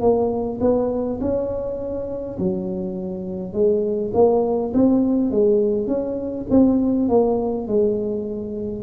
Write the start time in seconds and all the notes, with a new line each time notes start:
0.00 A#3
0.60 B3
1.20 C#4
2.39 F#3
3.53 G#3
4.13 A#3
4.74 C4
5.31 G#3
5.87 C#4
6.50 C4
7.09 A#3
7.67 G#3